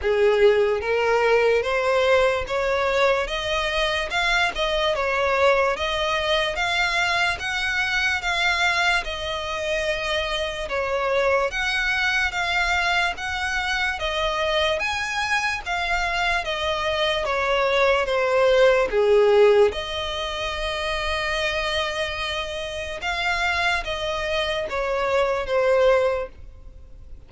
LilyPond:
\new Staff \with { instrumentName = "violin" } { \time 4/4 \tempo 4 = 73 gis'4 ais'4 c''4 cis''4 | dis''4 f''8 dis''8 cis''4 dis''4 | f''4 fis''4 f''4 dis''4~ | dis''4 cis''4 fis''4 f''4 |
fis''4 dis''4 gis''4 f''4 | dis''4 cis''4 c''4 gis'4 | dis''1 | f''4 dis''4 cis''4 c''4 | }